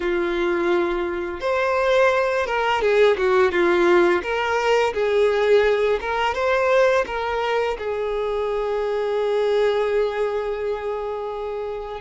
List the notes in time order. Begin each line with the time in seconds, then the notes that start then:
0.00 F4
1.40 C5
2.46 A#4
2.81 G#4
3.17 F#4
3.51 F4
4.22 A#4
4.93 G#4
6.01 A#4
6.34 C5
7.06 A#4
7.78 G#4